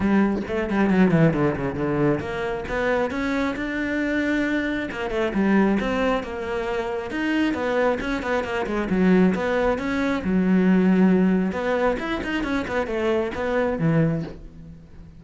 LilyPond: \new Staff \with { instrumentName = "cello" } { \time 4/4 \tempo 4 = 135 g4 a8 g8 fis8 e8 d8 cis8 | d4 ais4 b4 cis'4 | d'2. ais8 a8 | g4 c'4 ais2 |
dis'4 b4 cis'8 b8 ais8 gis8 | fis4 b4 cis'4 fis4~ | fis2 b4 e'8 dis'8 | cis'8 b8 a4 b4 e4 | }